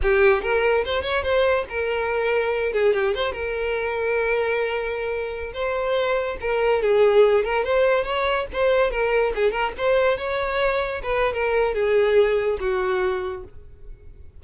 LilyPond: \new Staff \with { instrumentName = "violin" } { \time 4/4 \tempo 4 = 143 g'4 ais'4 c''8 cis''8 c''4 | ais'2~ ais'8 gis'8 g'8 c''8 | ais'1~ | ais'4~ ais'16 c''2 ais'8.~ |
ais'16 gis'4. ais'8 c''4 cis''8.~ | cis''16 c''4 ais'4 gis'8 ais'8 c''8.~ | c''16 cis''2 b'8. ais'4 | gis'2 fis'2 | }